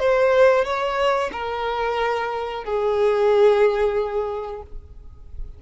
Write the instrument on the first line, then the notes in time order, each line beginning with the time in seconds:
violin
0.00 C5
0.65 C#5
1.33 A#4
2.65 G#4